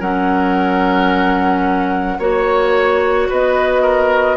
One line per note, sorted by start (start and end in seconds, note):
0.00 2.19 F#3
0.00 2.20 C#4
0.00 2.18 A#4
0.00 2.20 F#5
2.19 3.28 A#3
2.19 4.37 F#4
2.19 3.28 C#5
2.19 3.30 C#5
3.29 4.37 B3
3.29 3.82 B4
3.29 4.37 D#5
3.82 4.37 A#4